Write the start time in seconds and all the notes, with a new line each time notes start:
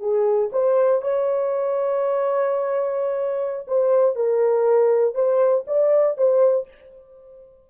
0.00 G#4
0.53 C5
1.02 C#5
3.68 C5
4.16 A#4
5.15 C5
5.67 D5
6.18 C5